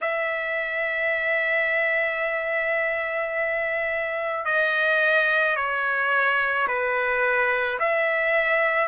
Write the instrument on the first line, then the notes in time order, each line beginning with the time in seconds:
trumpet
0.01 E5
4.44 D#5
5.56 C#5
6.67 B4
7.79 E5